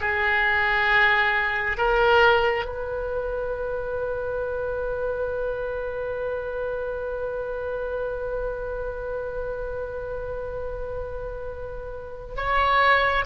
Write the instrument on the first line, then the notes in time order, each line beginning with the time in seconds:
oboe
0.00 G#4
1.77 A#4
2.65 B4
12.36 C#5